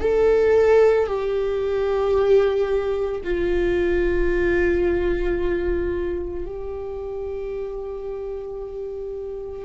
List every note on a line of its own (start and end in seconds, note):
0.00 1.07 A4
1.07 3.21 G4
3.24 6.45 F4
6.45 9.65 G4